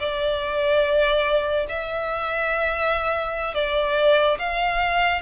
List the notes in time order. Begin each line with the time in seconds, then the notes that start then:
0.00 D5
1.69 E5
3.55 D5
4.39 F5